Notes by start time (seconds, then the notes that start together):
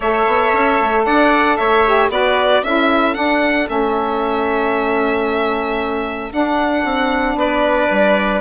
0.00 A3 A4 C#5 E5
0.26 B3
0.53 C#4
0.81 A3
1.05 D4 D5 F#5
1.56 A3 C#5 E5
1.85 G4
2.09 B3 F#4 B4 D5
2.63 C#4 E4 A4 E5
3.14 D4 F#5
3.66 A3 C#4 E5
6.31 D4 F#5
6.84 C4
7.35 B3 B4 D5
7.90 G3